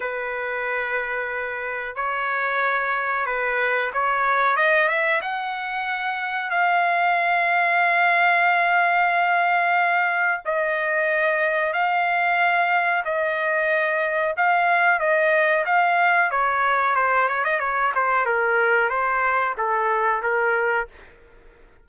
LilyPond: \new Staff \with { instrumentName = "trumpet" } { \time 4/4 \tempo 4 = 92 b'2. cis''4~ | cis''4 b'4 cis''4 dis''8 e''8 | fis''2 f''2~ | f''1 |
dis''2 f''2 | dis''2 f''4 dis''4 | f''4 cis''4 c''8 cis''16 dis''16 cis''8 c''8 | ais'4 c''4 a'4 ais'4 | }